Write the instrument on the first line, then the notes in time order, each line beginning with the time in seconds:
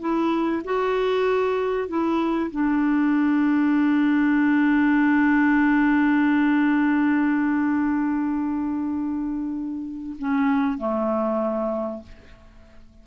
clarinet
0.00 E4
0.64 F#4
1.88 E4
2.51 D4
10.19 C#4
10.78 A3